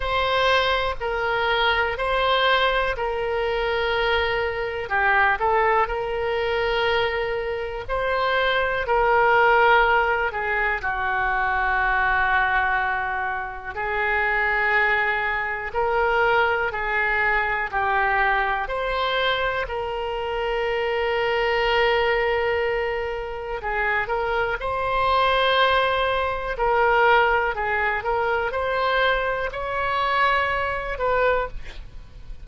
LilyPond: \new Staff \with { instrumentName = "oboe" } { \time 4/4 \tempo 4 = 61 c''4 ais'4 c''4 ais'4~ | ais'4 g'8 a'8 ais'2 | c''4 ais'4. gis'8 fis'4~ | fis'2 gis'2 |
ais'4 gis'4 g'4 c''4 | ais'1 | gis'8 ais'8 c''2 ais'4 | gis'8 ais'8 c''4 cis''4. b'8 | }